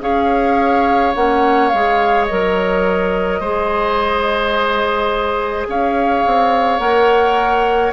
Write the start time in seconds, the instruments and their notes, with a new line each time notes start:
0.00 bassoon C#4, clarinet G#4, oboe C#5, flute F5
1.15 bassoon A#3, clarinet C#4, flute F#5
1.69 bassoon G#3, clarinet G#4, flute F5
2.25 bassoon F#3, clarinet A#4, flute D#5
3.40 bassoon G#3, clarinet G#4, oboe C5
5.67 bassoon C#4, oboe C#5, flute F5
6.26 bassoon C4
6.79 bassoon A#3, clarinet A#4, flute F#5